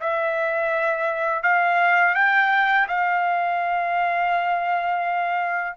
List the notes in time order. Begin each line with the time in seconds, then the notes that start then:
0.00 E5
1.43 F5
2.15 G5
2.88 F5